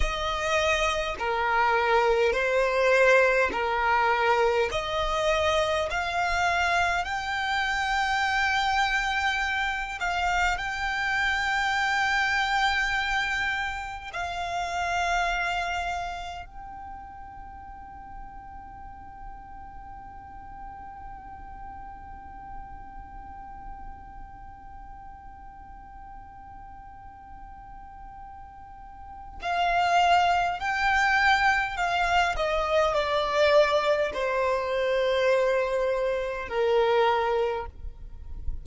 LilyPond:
\new Staff \with { instrumentName = "violin" } { \time 4/4 \tempo 4 = 51 dis''4 ais'4 c''4 ais'4 | dis''4 f''4 g''2~ | g''8 f''8 g''2. | f''2 g''2~ |
g''1~ | g''1~ | g''4 f''4 g''4 f''8 dis''8 | d''4 c''2 ais'4 | }